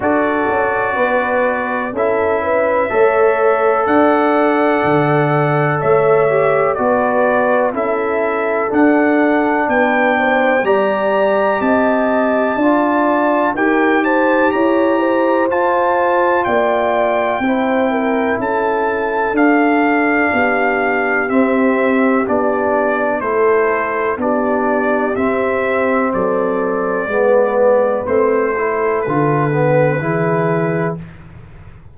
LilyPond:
<<
  \new Staff \with { instrumentName = "trumpet" } { \time 4/4 \tempo 4 = 62 d''2 e''2 | fis''2 e''4 d''4 | e''4 fis''4 g''4 ais''4 | a''2 g''8 a''8 ais''4 |
a''4 g''2 a''4 | f''2 e''4 d''4 | c''4 d''4 e''4 d''4~ | d''4 c''4 b'2 | }
  \new Staff \with { instrumentName = "horn" } { \time 4/4 a'4 b'4 a'8 b'8 cis''4 | d''2 cis''4 b'4 | a'2 b'8 c''8 d''4 | dis''4 d''4 ais'8 c''8 cis''8 c''8~ |
c''4 d''4 c''8 ais'8 a'4~ | a'4 g'2. | a'4 g'2 a'4 | b'4. a'4. gis'4 | }
  \new Staff \with { instrumentName = "trombone" } { \time 4/4 fis'2 e'4 a'4~ | a'2~ a'8 g'8 fis'4 | e'4 d'2 g'4~ | g'4 f'4 g'2 |
f'2 e'2 | d'2 c'4 d'4 | e'4 d'4 c'2 | b4 c'8 e'8 f'8 b8 e'4 | }
  \new Staff \with { instrumentName = "tuba" } { \time 4/4 d'8 cis'8 b4 cis'4 a4 | d'4 d4 a4 b4 | cis'4 d'4 b4 g4 | c'4 d'4 dis'4 e'4 |
f'4 ais4 c'4 cis'4 | d'4 b4 c'4 b4 | a4 b4 c'4 fis4 | gis4 a4 d4 e4 | }
>>